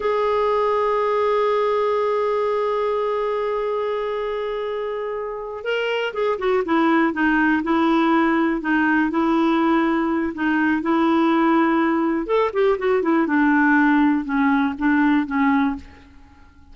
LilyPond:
\new Staff \with { instrumentName = "clarinet" } { \time 4/4 \tempo 4 = 122 gis'1~ | gis'1~ | gis'2.~ gis'8 ais'8~ | ais'8 gis'8 fis'8 e'4 dis'4 e'8~ |
e'4. dis'4 e'4.~ | e'4 dis'4 e'2~ | e'4 a'8 g'8 fis'8 e'8 d'4~ | d'4 cis'4 d'4 cis'4 | }